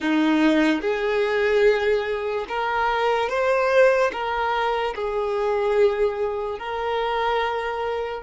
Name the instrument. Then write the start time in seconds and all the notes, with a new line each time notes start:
violin
0.00 D#4
0.81 G#4
2.48 A#4
3.29 C5
4.12 A#4
4.95 G#4
6.58 A#4